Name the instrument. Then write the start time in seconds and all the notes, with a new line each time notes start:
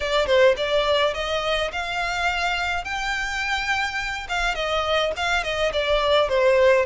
violin
0.00 D5
0.26 C5
0.57 D5
1.14 D#5
1.71 F5
2.84 G5
4.29 F5
4.55 D#5
5.16 F5
5.43 D#5
5.72 D5
6.28 C5